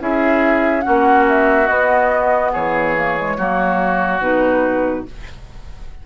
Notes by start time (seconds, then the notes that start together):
0.00 C#4 E4 G#4 E5
0.81 A#3 C#4 F#4 F#5
1.29 E5
1.67 B3 D#5
2.52 E3 G#4 C#5
2.96 A#3
3.17 G#3
3.37 F#3 A#3 F#4
4.20 B2 D#4 B4